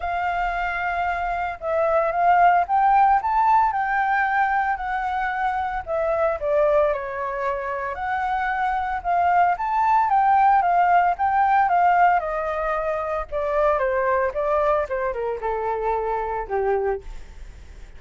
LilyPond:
\new Staff \with { instrumentName = "flute" } { \time 4/4 \tempo 4 = 113 f''2. e''4 | f''4 g''4 a''4 g''4~ | g''4 fis''2 e''4 | d''4 cis''2 fis''4~ |
fis''4 f''4 a''4 g''4 | f''4 g''4 f''4 dis''4~ | dis''4 d''4 c''4 d''4 | c''8 ais'8 a'2 g'4 | }